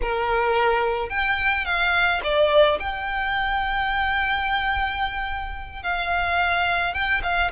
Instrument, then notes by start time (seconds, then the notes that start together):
violin
0.02 A#4
1.09 G5
1.65 F5
2.23 D5
2.79 G5
5.82 F5
6.93 G5
7.23 F5